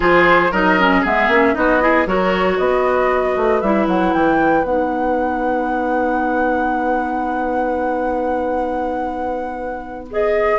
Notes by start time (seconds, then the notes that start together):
0.00 F3 F4 G#4 C5
0.51 F#3 D#4 A#4 D#5
0.79 C#4
1.01 G#3 B3 G#4 E5
1.28 A#3 C#4
1.54 B3 D#4 F#4 D#5
1.80 E4 G#4
2.06 F#3 F#4 A#4 C#5
2.57 B3 B4 D#5
3.36 A3
3.60 G3 E4 E5
3.87 F#3 F#5
4.13 E3 G5
4.63 B3 D#4 F#5
10.11 G#4 D#5